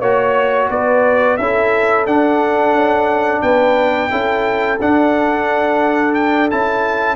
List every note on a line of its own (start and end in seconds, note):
0.00 0.69 A#3
0.00 1.39 F#4
0.00 0.68 C#5
0.00 0.69 C#5
0.70 1.38 B3
0.70 1.41 B4
0.70 1.37 D5
1.37 2.06 C#4
1.37 2.07 E4
1.37 3.43 A4
1.37 2.05 E5
2.06 2.72 D4
2.06 4.10 D4
2.06 3.42 F#5
2.72 3.41 C#4
3.42 4.11 B3
3.42 4.11 B4
3.42 4.78 G5
4.10 4.80 C#4
4.10 4.79 E4
4.10 7.16 A4
4.81 6.51 D4
4.81 6.14 F#5
6.14 6.49 G5
6.51 7.16 C#4
6.51 7.16 E4
6.51 7.16 A5